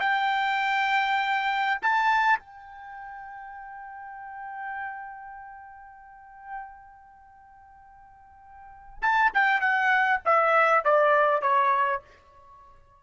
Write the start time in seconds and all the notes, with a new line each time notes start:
0.00 G5
1.82 A5
2.39 G5
9.02 A5
9.34 G5
9.61 F#5
10.25 E5
10.85 D5
11.42 C#5